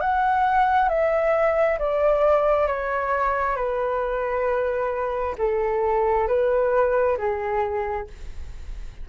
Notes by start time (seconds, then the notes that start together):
0.00 F#5
0.89 E5
1.79 D5
2.67 C#5
3.56 B4
5.38 A4
6.27 B4
7.17 G#4